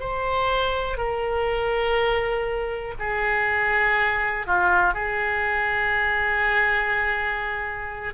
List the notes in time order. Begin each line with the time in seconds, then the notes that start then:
0.00 C5
0.97 A#4
2.99 G#4
4.47 F4
4.94 G#4